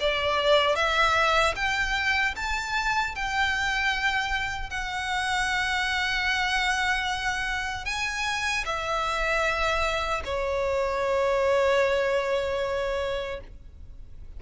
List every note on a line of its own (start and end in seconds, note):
0.00 0.75 D5
0.75 1.54 E5
1.56 2.35 G5
2.36 3.15 A5
3.15 4.70 G5
4.70 7.85 F#5
7.85 8.64 G#5
8.65 10.23 E5
10.25 13.41 C#5